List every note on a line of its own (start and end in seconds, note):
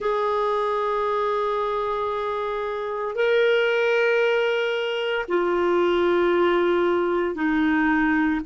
0.00 3.15 G#4
3.15 5.25 A#4
5.28 7.34 F4
7.34 8.40 D#4